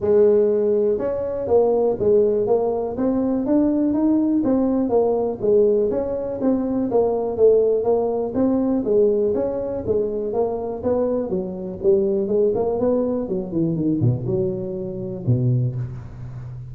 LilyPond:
\new Staff \with { instrumentName = "tuba" } { \time 4/4 \tempo 4 = 122 gis2 cis'4 ais4 | gis4 ais4 c'4 d'4 | dis'4 c'4 ais4 gis4 | cis'4 c'4 ais4 a4 |
ais4 c'4 gis4 cis'4 | gis4 ais4 b4 fis4 | g4 gis8 ais8 b4 fis8 e8 | dis8 b,8 fis2 b,4 | }